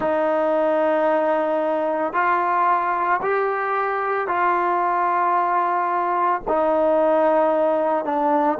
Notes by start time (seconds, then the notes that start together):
0.00 D#4
2.13 F4
3.21 G4
4.27 F4
6.48 D#4
8.05 D4